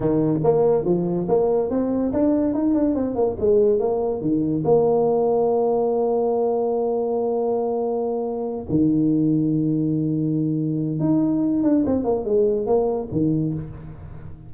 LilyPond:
\new Staff \with { instrumentName = "tuba" } { \time 4/4 \tempo 4 = 142 dis4 ais4 f4 ais4 | c'4 d'4 dis'8 d'8 c'8 ais8 | gis4 ais4 dis4 ais4~ | ais1~ |
ais1~ | ais8 dis2.~ dis8~ | dis2 dis'4. d'8 | c'8 ais8 gis4 ais4 dis4 | }